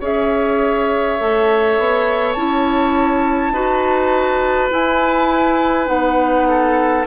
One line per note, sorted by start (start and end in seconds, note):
0.00 1.18 C#4
0.00 1.19 G#4
0.00 3.53 C#5
0.00 2.33 E5
1.19 1.78 A3
1.19 2.37 A4
1.78 2.35 B3
2.33 3.51 C#4
2.33 3.53 E4
2.33 4.68 A5
3.51 4.69 D#4
3.51 4.70 F#4
3.51 6.47 B4
4.70 5.86 E4
4.70 5.88 E4
4.70 5.87 G#5
5.86 7.05 B3
5.86 7.03 D#4
5.86 7.05 F#5
6.49 7.06 A4